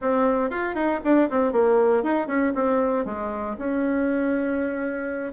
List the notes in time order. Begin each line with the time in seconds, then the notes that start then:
0.01 C4
0.50 F4
0.74 D#4
1.04 D4
1.29 C4
1.52 A#3
2.03 D#4
2.27 C#4
2.54 C4
3.05 G#3
3.58 C#4